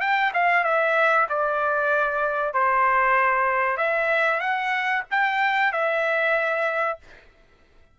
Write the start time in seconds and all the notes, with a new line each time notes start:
0.00 G5
0.33 F5
0.63 E5
1.29 D5
2.53 C5
3.77 E5
4.40 F#5
5.10 G5
5.72 E5